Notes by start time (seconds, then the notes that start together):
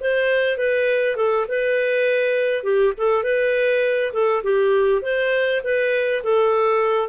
0.00 C5
0.58 B4
1.16 A4
1.48 B4
2.63 G4
2.97 A4
3.23 B4
4.13 A4
4.43 G4
5.02 C5
5.64 B4
6.23 A4